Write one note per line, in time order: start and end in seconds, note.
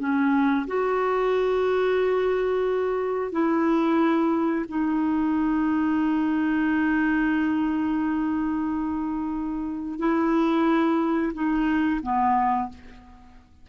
0.00 0.67 C#4
0.68 3.32 F#4
3.32 4.66 E4
4.69 10.00 D#4
10.00 11.33 E4
11.34 12.01 D#4
12.03 12.70 B3